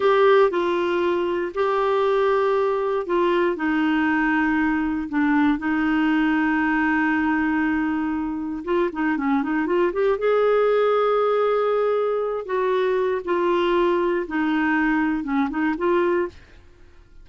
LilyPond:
\new Staff \with { instrumentName = "clarinet" } { \time 4/4 \tempo 4 = 118 g'4 f'2 g'4~ | g'2 f'4 dis'4~ | dis'2 d'4 dis'4~ | dis'1~ |
dis'4 f'8 dis'8 cis'8 dis'8 f'8 g'8 | gis'1~ | gis'8 fis'4. f'2 | dis'2 cis'8 dis'8 f'4 | }